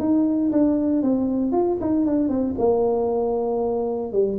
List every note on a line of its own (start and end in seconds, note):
0.00 0.52 D#4
0.52 1.03 D4
1.03 1.52 C4
1.52 1.78 F4
1.81 2.06 D#4
2.06 2.29 D4
2.29 2.55 C4
2.59 4.13 A#3
4.13 4.39 G3